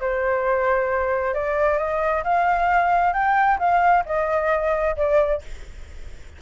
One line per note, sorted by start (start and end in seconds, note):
0.00 1.34 C5
1.34 1.78 D5
1.78 2.23 D#5
2.23 3.13 F5
3.13 3.58 G5
3.58 4.04 F5
4.06 4.96 D#5
4.96 5.41 D5